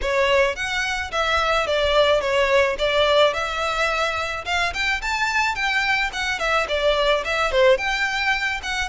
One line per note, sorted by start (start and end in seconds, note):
0.02 0.55 C#5
0.55 1.11 F#5
1.11 1.66 E5
1.66 2.20 D5
2.20 2.76 C#5
2.78 3.33 D5
3.33 4.44 E5
4.45 4.73 F5
4.73 5.01 G5
5.01 5.55 A5
5.55 6.10 G5
6.12 6.39 F#5
6.39 6.66 E5
6.68 7.23 D5
7.24 7.51 E5
7.51 7.77 C5
7.77 8.61 G5
8.62 8.89 F#5